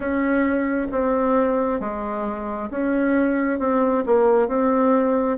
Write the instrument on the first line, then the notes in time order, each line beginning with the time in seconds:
bassoon
0.00 C#4
0.91 C4
1.80 G#3
2.70 C#4
3.59 C4
4.05 A#3
4.48 C4